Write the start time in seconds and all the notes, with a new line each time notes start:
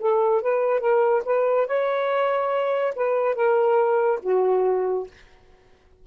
0.00 A4
0.41 B4
0.80 A#4
1.26 B4
1.67 C#5
2.96 B4
3.35 A#4
4.23 F#4